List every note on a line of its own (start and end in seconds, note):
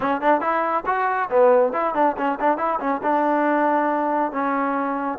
0.00 0.21 C#4
0.21 0.40 D4
0.40 0.84 E4
0.86 1.29 F#4
1.29 1.73 B3
1.73 1.94 E4
1.94 2.15 D4
2.17 2.38 C#4
2.40 2.57 D4
2.57 2.79 E4
2.79 3.01 C#4
3.03 4.32 D4
4.32 5.18 C#4